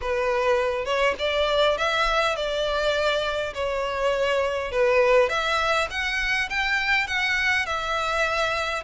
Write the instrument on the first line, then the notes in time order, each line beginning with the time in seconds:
violin
0.01 B4
0.85 C#5
1.18 D5
1.77 E5
2.35 D5
3.53 C#5
4.71 B4
5.29 E5
5.90 F#5
6.49 G5
7.07 F#5
7.66 E5